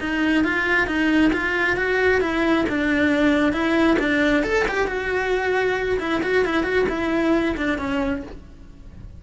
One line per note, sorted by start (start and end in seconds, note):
0.00 0.44 D#4
0.44 0.87 F4
0.87 1.32 D#4
1.33 1.77 F4
1.77 2.21 F#4
2.21 2.65 E4
2.69 3.53 D4
3.53 3.97 E4
3.99 4.43 D4
4.43 4.66 A4
4.68 4.87 G4
4.87 5.98 F#4
5.99 6.22 E4
6.23 6.45 F#4
6.45 6.64 E4
6.64 6.86 F#4
6.89 7.56 E4
7.57 7.78 D4
7.78 8.23 C#4